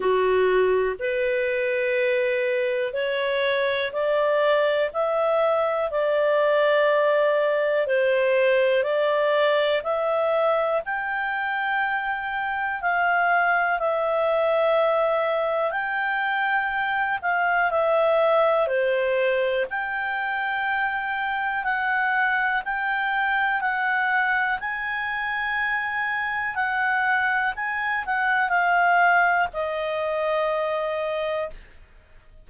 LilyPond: \new Staff \with { instrumentName = "clarinet" } { \time 4/4 \tempo 4 = 61 fis'4 b'2 cis''4 | d''4 e''4 d''2 | c''4 d''4 e''4 g''4~ | g''4 f''4 e''2 |
g''4. f''8 e''4 c''4 | g''2 fis''4 g''4 | fis''4 gis''2 fis''4 | gis''8 fis''8 f''4 dis''2 | }